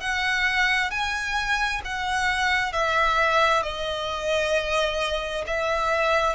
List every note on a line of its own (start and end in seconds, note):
0.00 0.90 F#5
0.90 1.81 G#5
1.84 2.72 F#5
2.72 3.62 E5
3.62 5.44 D#5
5.46 6.35 E5